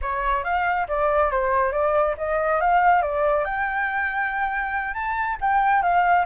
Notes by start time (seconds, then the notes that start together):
0.01 C#5
0.44 F5
0.88 D5
1.31 C5
1.71 D5
2.17 D#5
2.60 F5
3.02 D5
3.44 G5
4.94 A5
5.40 G5
5.82 F5